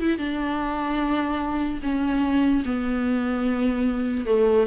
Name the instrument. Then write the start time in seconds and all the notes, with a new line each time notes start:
viola
0.00 E4
0.18 D4
1.83 C#4
2.65 B3
4.26 A3